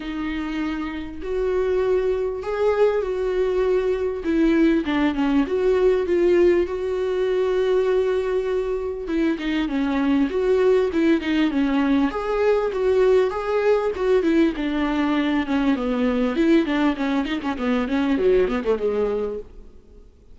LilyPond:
\new Staff \with { instrumentName = "viola" } { \time 4/4 \tempo 4 = 99 dis'2 fis'2 | gis'4 fis'2 e'4 | d'8 cis'8 fis'4 f'4 fis'4~ | fis'2. e'8 dis'8 |
cis'4 fis'4 e'8 dis'8 cis'4 | gis'4 fis'4 gis'4 fis'8 e'8 | d'4. cis'8 b4 e'8 d'8 | cis'8 dis'16 cis'16 b8 cis'8 fis8 b16 a16 gis4 | }